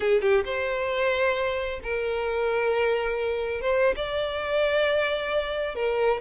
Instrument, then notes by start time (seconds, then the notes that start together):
violin
0.00 G#4
0.21 G4
0.44 C5
1.83 A#4
3.61 C5
3.96 D5
5.75 A#4